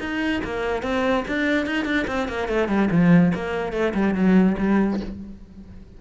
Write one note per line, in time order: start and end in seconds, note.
0.00 0.42 D#4
0.45 0.83 A#3
0.83 1.24 C4
1.28 1.66 D4
1.66 1.85 D#4
1.85 2.06 D4
2.07 2.28 C4
2.28 2.48 A#3
2.48 2.68 A3
2.68 2.89 G3
2.91 3.33 F3
3.35 3.73 A#3
3.73 3.93 A3
3.94 4.15 G3
4.15 4.56 F#3
4.59 5.00 G3